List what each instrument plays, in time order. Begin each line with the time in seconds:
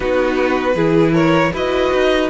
0.00 cello B3, viola D#4, violin F#4 B4
0.75 cello E3, viola E4, violin G#4
1.13 violin A#4 C#5
1.53 cello E4, viola F#4, violin B4 D#5
1.93 cello D#4